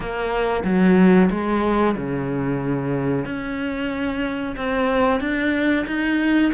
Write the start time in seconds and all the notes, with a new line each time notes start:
0.00 A#3
0.64 F#3
1.30 G#3
1.96 C#3
3.25 C#4
4.56 C4
5.20 D4
5.86 D#4